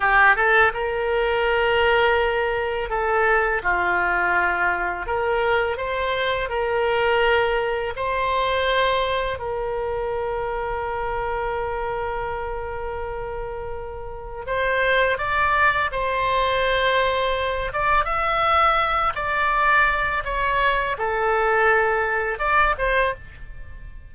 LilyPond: \new Staff \with { instrumentName = "oboe" } { \time 4/4 \tempo 4 = 83 g'8 a'8 ais'2. | a'4 f'2 ais'4 | c''4 ais'2 c''4~ | c''4 ais'2.~ |
ais'1 | c''4 d''4 c''2~ | c''8 d''8 e''4. d''4. | cis''4 a'2 d''8 c''8 | }